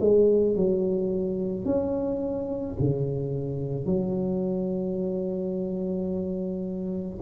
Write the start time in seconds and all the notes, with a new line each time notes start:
0.00 G#3
0.56 F#3
1.65 C#4
2.79 C#3
3.85 F#3